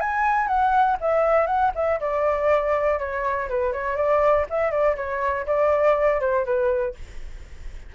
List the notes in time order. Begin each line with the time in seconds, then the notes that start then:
0.00 G#5
0.48 F#5
1.01 E5
1.47 F#5
1.75 E5
2.00 D5
2.99 C#5
3.49 B4
3.73 C#5
3.96 D5
4.50 E5
4.71 D5
4.96 C#5
5.46 D5
6.20 C5
6.45 B4